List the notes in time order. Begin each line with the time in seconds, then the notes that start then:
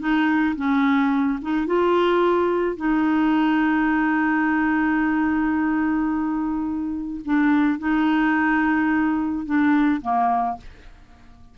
0.00 D#4
0.56 C#4
1.42 D#4
1.67 F4
2.77 D#4
7.25 D4
7.79 D#4
9.46 D4
10.02 A#3